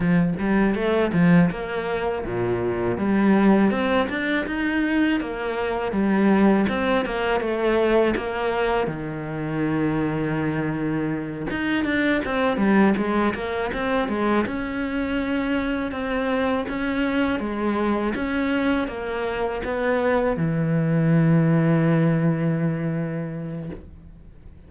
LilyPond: \new Staff \with { instrumentName = "cello" } { \time 4/4 \tempo 4 = 81 f8 g8 a8 f8 ais4 ais,4 | g4 c'8 d'8 dis'4 ais4 | g4 c'8 ais8 a4 ais4 | dis2.~ dis8 dis'8 |
d'8 c'8 g8 gis8 ais8 c'8 gis8 cis'8~ | cis'4. c'4 cis'4 gis8~ | gis8 cis'4 ais4 b4 e8~ | e1 | }